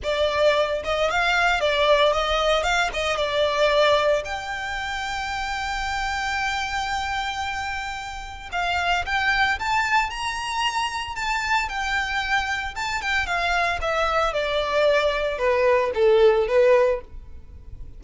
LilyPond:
\new Staff \with { instrumentName = "violin" } { \time 4/4 \tempo 4 = 113 d''4. dis''8 f''4 d''4 | dis''4 f''8 dis''8 d''2 | g''1~ | g''1 |
f''4 g''4 a''4 ais''4~ | ais''4 a''4 g''2 | a''8 g''8 f''4 e''4 d''4~ | d''4 b'4 a'4 b'4 | }